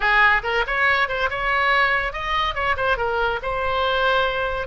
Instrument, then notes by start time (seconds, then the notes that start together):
oboe
0.00 G#4
0.43 A#4
0.66 C#5
1.08 C5
1.29 C#5
2.13 D#5
2.54 C#5
2.77 C5
2.97 A#4
3.42 C5